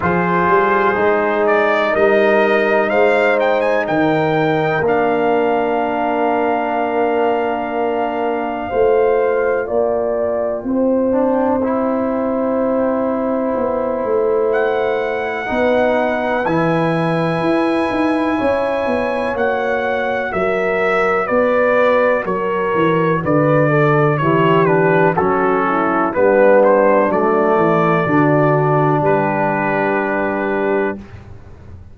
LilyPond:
<<
  \new Staff \with { instrumentName = "trumpet" } { \time 4/4 \tempo 4 = 62 c''4. d''8 dis''4 f''8 g''16 gis''16 | g''4 f''2.~ | f''2 g''2~ | g''2. fis''4~ |
fis''4 gis''2. | fis''4 e''4 d''4 cis''4 | d''4 cis''8 b'8 a'4 b'8 c''8 | d''2 b'2 | }
  \new Staff \with { instrumentName = "horn" } { \time 4/4 gis'2 ais'4 c''4 | ais'1~ | ais'4 c''4 d''4 c''4~ | c''1 |
b'2. cis''4~ | cis''4 ais'4 b'4 ais'4 | b'8 a'8 g'4 fis'8 e'8 d'4~ | d'8 e'8 fis'4 g'2 | }
  \new Staff \with { instrumentName = "trombone" } { \time 4/4 f'4 dis'2.~ | dis'4 d'2.~ | d'4 f'2~ f'8 d'8 | e'1 |
dis'4 e'2. | fis'1~ | fis'4 e'8 d'8 cis'4 b4 | a4 d'2. | }
  \new Staff \with { instrumentName = "tuba" } { \time 4/4 f8 g8 gis4 g4 gis4 | dis4 ais2.~ | ais4 a4 ais4 c'4~ | c'2 b8 a4. |
b4 e4 e'8 dis'8 cis'8 b8 | ais4 fis4 b4 fis8 e8 | d4 e4 fis4 g4 | fis8 e8 d4 g2 | }
>>